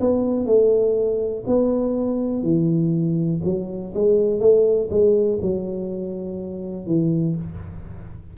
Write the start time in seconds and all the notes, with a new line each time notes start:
0.00 B3
0.46 A3
1.47 B3
2.42 E3
3.44 F#3
3.94 G#3
4.39 A3
4.90 G#3
5.42 F#3
6.86 E3